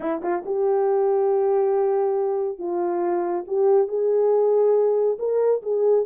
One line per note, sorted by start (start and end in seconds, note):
0.00 0.21 E4
0.22 0.44 F4
0.45 2.58 G4
2.58 3.44 F4
3.47 3.88 G4
3.88 5.17 G#4
5.18 5.62 A#4
5.62 6.05 G#4